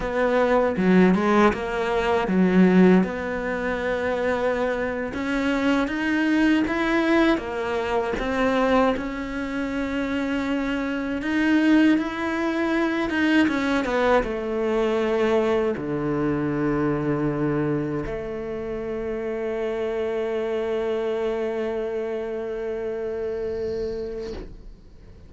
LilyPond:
\new Staff \with { instrumentName = "cello" } { \time 4/4 \tempo 4 = 79 b4 fis8 gis8 ais4 fis4 | b2~ b8. cis'4 dis'16~ | dis'8. e'4 ais4 c'4 cis'16~ | cis'2~ cis'8. dis'4 e'16~ |
e'4~ e'16 dis'8 cis'8 b8 a4~ a16~ | a8. d2. a16~ | a1~ | a1 | }